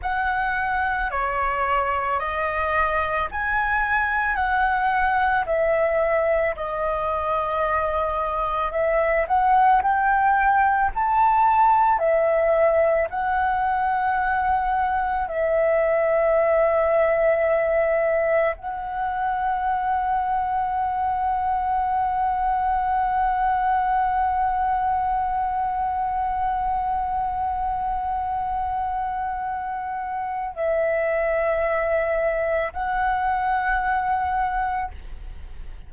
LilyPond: \new Staff \with { instrumentName = "flute" } { \time 4/4 \tempo 4 = 55 fis''4 cis''4 dis''4 gis''4 | fis''4 e''4 dis''2 | e''8 fis''8 g''4 a''4 e''4 | fis''2 e''2~ |
e''4 fis''2.~ | fis''1~ | fis''1 | e''2 fis''2 | }